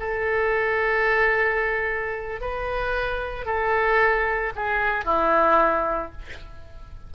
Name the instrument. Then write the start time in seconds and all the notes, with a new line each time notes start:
oboe
0.00 A4
2.41 B4
3.46 A4
4.56 G#4
5.05 E4